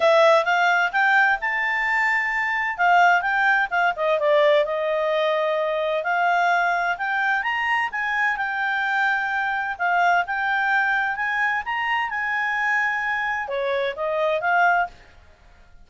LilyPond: \new Staff \with { instrumentName = "clarinet" } { \time 4/4 \tempo 4 = 129 e''4 f''4 g''4 a''4~ | a''2 f''4 g''4 | f''8 dis''8 d''4 dis''2~ | dis''4 f''2 g''4 |
ais''4 gis''4 g''2~ | g''4 f''4 g''2 | gis''4 ais''4 gis''2~ | gis''4 cis''4 dis''4 f''4 | }